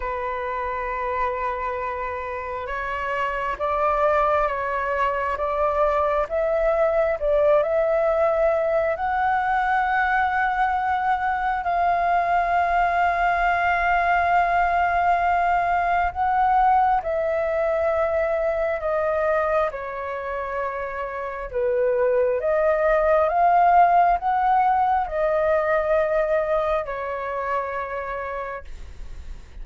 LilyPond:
\new Staff \with { instrumentName = "flute" } { \time 4/4 \tempo 4 = 67 b'2. cis''4 | d''4 cis''4 d''4 e''4 | d''8 e''4. fis''2~ | fis''4 f''2.~ |
f''2 fis''4 e''4~ | e''4 dis''4 cis''2 | b'4 dis''4 f''4 fis''4 | dis''2 cis''2 | }